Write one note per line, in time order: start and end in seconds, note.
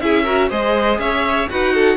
0.00 0.51 C#4
0.00 0.25 E4
0.00 0.24 G#4
0.00 0.50 E5
0.24 0.49 F#4
0.24 0.48 A#4
0.49 0.98 G#3
0.49 1.49 G#4
0.49 0.99 C5
0.49 0.99 D#5
0.98 1.48 C#4
0.98 1.50 C#5
0.98 1.49 E5
1.49 1.97 D#4
1.49 1.97 F#4
1.49 1.74 B4
1.49 1.97 F#5
1.74 1.97 A4